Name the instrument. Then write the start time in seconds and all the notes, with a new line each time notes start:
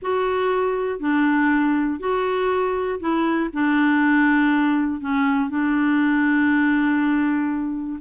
clarinet
0.02 F#4
0.99 D4
1.99 F#4
3.00 E4
3.53 D4
5.00 C#4
5.49 D4